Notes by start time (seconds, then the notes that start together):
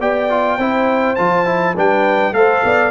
0.00 B3 G4 D5 G5
0.30 F4
0.58 C4 E4 C5
1.16 F3 F4 A5
1.46 E4
1.75 G3 D4 B4 G5
2.33 A3 A4 C5 F5
2.65 B3 D5